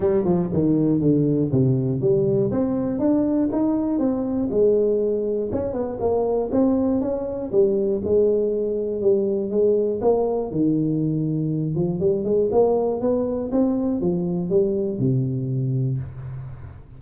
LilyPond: \new Staff \with { instrumentName = "tuba" } { \time 4/4 \tempo 4 = 120 g8 f8 dis4 d4 c4 | g4 c'4 d'4 dis'4 | c'4 gis2 cis'8 b8 | ais4 c'4 cis'4 g4 |
gis2 g4 gis4 | ais4 dis2~ dis8 f8 | g8 gis8 ais4 b4 c'4 | f4 g4 c2 | }